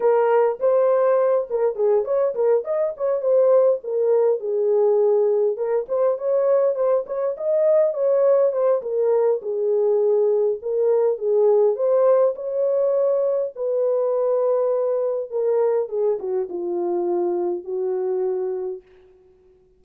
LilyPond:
\new Staff \with { instrumentName = "horn" } { \time 4/4 \tempo 4 = 102 ais'4 c''4. ais'8 gis'8 cis''8 | ais'8 dis''8 cis''8 c''4 ais'4 gis'8~ | gis'4. ais'8 c''8 cis''4 c''8 | cis''8 dis''4 cis''4 c''8 ais'4 |
gis'2 ais'4 gis'4 | c''4 cis''2 b'4~ | b'2 ais'4 gis'8 fis'8 | f'2 fis'2 | }